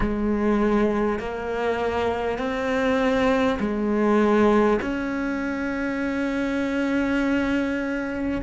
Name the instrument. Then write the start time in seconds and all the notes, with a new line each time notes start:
cello
0.00 G#3
1.19 A#3
2.38 C4
3.59 G#3
4.81 C#4